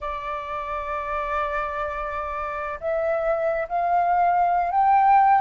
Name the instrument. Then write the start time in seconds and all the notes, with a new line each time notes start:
flute
0.00 D5
2.80 E5
3.68 F5
4.71 G5